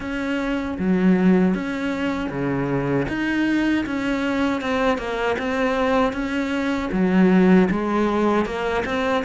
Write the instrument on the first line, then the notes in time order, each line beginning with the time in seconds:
cello
0.00 C#4
0.78 F#3
1.54 C#4
2.29 C#3
3.08 D#4
3.85 C#4
4.61 C4
4.98 A#3
5.38 C4
6.12 C#4
6.92 F#3
7.70 G#3
8.45 A#3
8.85 C4